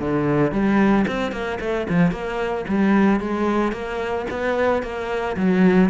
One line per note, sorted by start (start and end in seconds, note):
0.00 0.52 D3
0.52 1.06 G3
1.08 1.32 C4
1.32 1.59 A#3
1.60 1.87 A3
1.89 2.12 F3
2.12 2.65 A#3
2.68 3.20 G3
3.20 3.73 G#3
3.73 4.26 A#3
4.31 4.83 B3
4.83 5.36 A#3
5.37 5.90 F#3